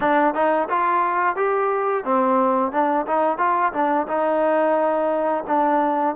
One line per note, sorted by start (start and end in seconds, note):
0.00 0.34 D4
0.34 0.68 D#4
0.69 1.36 F4
1.36 2.04 G4
2.04 2.71 C4
2.71 3.06 D4
3.07 3.38 D#4
3.38 3.72 F4
3.73 4.07 D4
4.07 5.44 D#4
5.47 6.15 D4